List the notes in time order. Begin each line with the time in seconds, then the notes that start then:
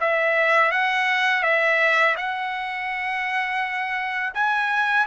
0.00 E5
0.71 F#5
1.43 E5
2.16 F#5
4.34 G#5